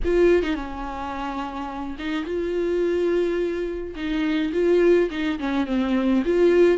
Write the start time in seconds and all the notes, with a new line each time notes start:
0.04 F4
0.42 D#4
0.55 C#4
1.98 D#4
2.24 F4
3.95 D#4
4.53 F4
5.10 D#4
5.39 C#4
5.66 C4
6.25 F4